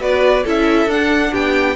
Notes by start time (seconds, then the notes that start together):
0.00 B3 F#4 B4 D5
0.44 C#4 E4 A4 E5
0.86 D4 F#5
1.31 B3 G4 G5